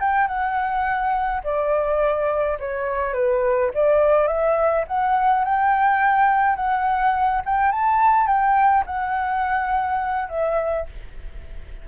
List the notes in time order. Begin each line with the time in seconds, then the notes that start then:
0.00 G5
0.28 F#5
1.44 D5
2.60 C#5
3.14 B4
3.75 D5
4.28 E5
4.88 F#5
5.45 G5
6.56 F#5
7.46 G5
7.72 A5
8.28 G5
8.86 F#5
10.29 E5